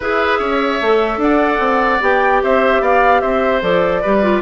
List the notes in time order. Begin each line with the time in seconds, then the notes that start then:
0.00 E4 G#4 B4 E5
0.38 C#4 C#5
0.81 A3 A4
1.17 D4 F#5
1.24 D5
1.59 C4
2.01 B3 G4 G5
2.43 C4 C5 E5
2.80 B3 D5 F5
3.20 C4 C5 E5
3.61 F3 A4 D5
4.01 G3 G4 B4
4.22 F4